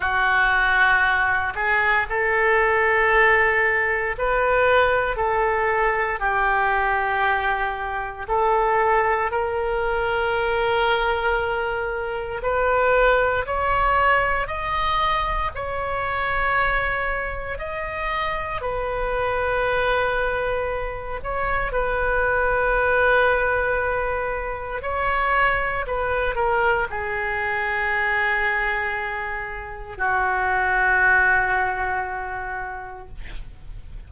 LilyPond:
\new Staff \with { instrumentName = "oboe" } { \time 4/4 \tempo 4 = 58 fis'4. gis'8 a'2 | b'4 a'4 g'2 | a'4 ais'2. | b'4 cis''4 dis''4 cis''4~ |
cis''4 dis''4 b'2~ | b'8 cis''8 b'2. | cis''4 b'8 ais'8 gis'2~ | gis'4 fis'2. | }